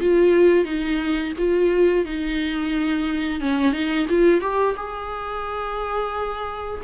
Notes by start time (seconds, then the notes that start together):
0.00 F4
0.64 D#4
1.38 F4
2.05 D#4
3.40 C#4
3.72 D#4
4.09 F4
4.41 G4
4.76 G#4